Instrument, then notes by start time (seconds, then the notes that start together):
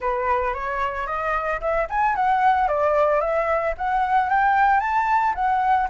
flute
0.00 B4
0.54 C#5
1.06 D#5
1.60 E5
1.89 G#5
2.15 F#5
2.68 D5
3.20 E5
3.77 F#5
4.29 G5
4.80 A5
5.34 F#5